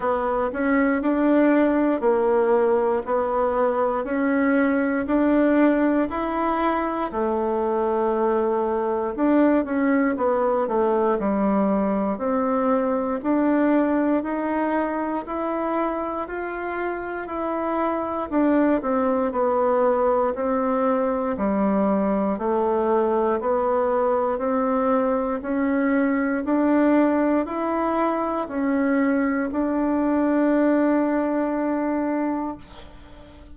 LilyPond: \new Staff \with { instrumentName = "bassoon" } { \time 4/4 \tempo 4 = 59 b8 cis'8 d'4 ais4 b4 | cis'4 d'4 e'4 a4~ | a4 d'8 cis'8 b8 a8 g4 | c'4 d'4 dis'4 e'4 |
f'4 e'4 d'8 c'8 b4 | c'4 g4 a4 b4 | c'4 cis'4 d'4 e'4 | cis'4 d'2. | }